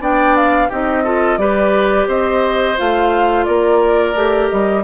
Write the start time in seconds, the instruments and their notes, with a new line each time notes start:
0.00 bassoon B3, clarinet D4, oboe D5, flute G5
0.36 flute F5
0.68 bassoon C4, clarinet D#4, oboe G4, flute D#5
1.04 clarinet F4, oboe A4
1.37 bassoon G3, clarinet G4, oboe B4, flute D5
2.07 bassoon C4, oboe C5, flute D#5
2.77 bassoon A3, clarinet F4, flute F5
3.45 bassoon A#3, oboe A#4, flute D5
4.14 bassoon A3, clarinet G4
4.49 bassoon G3, flute D#5